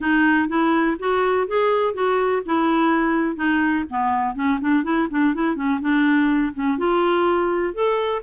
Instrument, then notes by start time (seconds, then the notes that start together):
clarinet
0.00 D#4
0.48 E4
0.99 F#4
1.47 G#4
1.94 F#4
2.45 E4
3.36 D#4
3.90 B3
4.35 C#4
4.60 D4
4.83 E4
5.10 D4
5.34 E4
5.55 C#4
5.80 D4
6.54 C#4
6.77 F4
7.74 A4